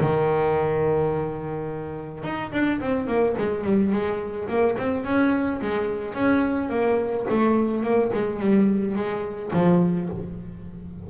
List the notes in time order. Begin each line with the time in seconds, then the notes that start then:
0.00 D#3
2.23 D#4
2.52 D4
2.80 C4
3.07 A#3
3.37 G#3
3.64 G3
3.92 G#3
4.48 A#3
4.78 C4
5.04 C#4
5.61 G#3
6.14 C#4
6.70 A#3
7.29 A3
7.83 A#3
8.13 G#3
8.39 G3
8.95 G#3
9.53 F3